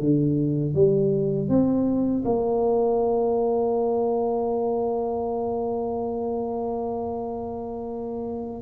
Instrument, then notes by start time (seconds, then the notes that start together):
tuba
0.00 D3
0.74 G3
1.49 C4
2.25 A#3